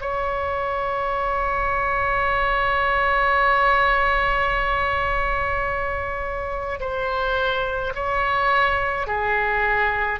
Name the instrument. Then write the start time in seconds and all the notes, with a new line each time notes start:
oboe
0.00 C#5
6.80 C5
7.95 C#5
9.07 G#4